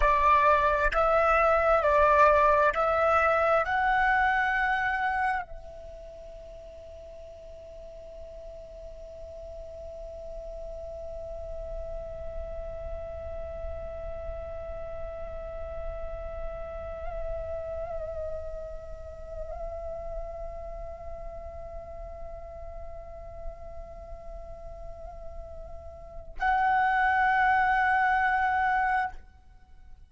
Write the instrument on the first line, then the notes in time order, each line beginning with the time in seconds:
flute
0.00 D5
0.91 E5
1.82 D5
2.74 E5
3.64 F#5
5.42 E5
26.39 F#5